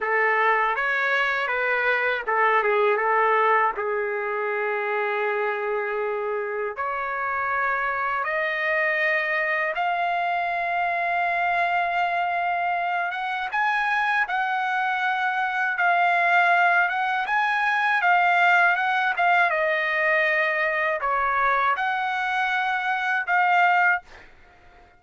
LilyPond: \new Staff \with { instrumentName = "trumpet" } { \time 4/4 \tempo 4 = 80 a'4 cis''4 b'4 a'8 gis'8 | a'4 gis'2.~ | gis'4 cis''2 dis''4~ | dis''4 f''2.~ |
f''4. fis''8 gis''4 fis''4~ | fis''4 f''4. fis''8 gis''4 | f''4 fis''8 f''8 dis''2 | cis''4 fis''2 f''4 | }